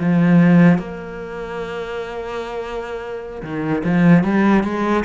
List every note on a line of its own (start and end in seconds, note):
0.00 0.79 F3
0.79 3.42 A#3
3.43 3.83 D#3
3.84 4.24 F3
4.24 4.64 G3
4.64 5.05 G#3